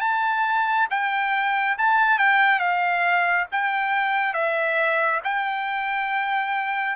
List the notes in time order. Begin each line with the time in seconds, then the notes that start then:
0.00 A5
0.90 G5
1.78 A5
2.18 G5
2.59 F5
3.51 G5
4.33 E5
5.24 G5